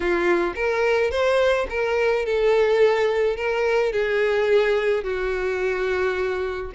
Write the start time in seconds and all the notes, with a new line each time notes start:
0.00 F4
0.55 A#4
1.10 C5
1.69 A#4
2.25 A4
3.36 A#4
3.92 G#4
5.03 F#4